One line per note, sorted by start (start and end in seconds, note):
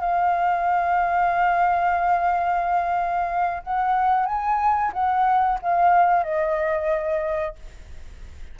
0.00 3.63 F5
3.63 4.26 F#5
4.26 4.92 G#5
4.93 5.59 F#5
5.62 6.23 F5
6.23 7.55 D#5